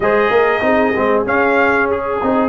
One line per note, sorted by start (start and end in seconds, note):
0.00 0.30 G#3
0.00 0.61 G#4
0.00 0.30 C5
0.00 1.23 D#5
0.30 0.61 A#3
0.30 0.62 A#4
0.61 0.93 C4
0.61 0.92 D#4
0.61 2.49 G#4
0.95 1.26 G#3
0.95 1.25 C4
1.25 2.20 C#4
1.25 2.21 C#4
1.25 1.90 F5
1.91 2.49 G#4
2.22 2.49 C4
2.22 2.49 D#4